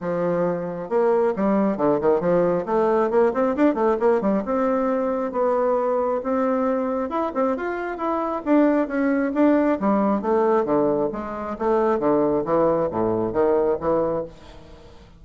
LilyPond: \new Staff \with { instrumentName = "bassoon" } { \time 4/4 \tempo 4 = 135 f2 ais4 g4 | d8 dis8 f4 a4 ais8 c'8 | d'8 a8 ais8 g8 c'2 | b2 c'2 |
e'8 c'8 f'4 e'4 d'4 | cis'4 d'4 g4 a4 | d4 gis4 a4 d4 | e4 a,4 dis4 e4 | }